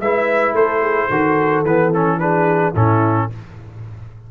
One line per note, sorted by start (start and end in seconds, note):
0.00 0.53 G#3
0.00 1.11 E4
0.00 0.55 B4
0.00 0.55 E5
0.53 1.08 A3
0.53 0.81 A4
0.53 1.64 C5
0.81 1.08 G#4
1.09 1.64 D#3
1.09 1.65 F#4
1.09 2.18 A4
1.64 2.73 E3
1.64 1.94 B3
1.64 1.92 B4
1.94 2.20 C#4
1.94 2.19 A4
2.19 2.74 D4
2.19 2.73 G#4
2.19 2.74 B4
2.73 3.30 A2
2.73 3.30 C#4
2.73 3.28 E4
2.73 3.31 A4